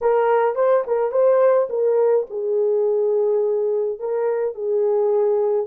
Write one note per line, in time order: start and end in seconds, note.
0.01 0.55 A#4
0.55 0.83 C5
0.86 1.11 A#4
1.11 1.68 C5
1.69 2.26 A#4
2.30 3.99 G#4
3.99 4.54 A#4
4.54 5.66 G#4